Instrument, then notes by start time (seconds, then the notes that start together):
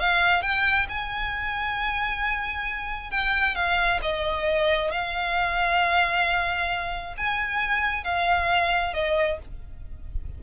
violin
0.00 F5
0.42 G5
0.89 G#5
3.11 G5
3.55 F5
4.02 D#5
4.92 F5
7.17 G#5
8.04 F5
8.94 D#5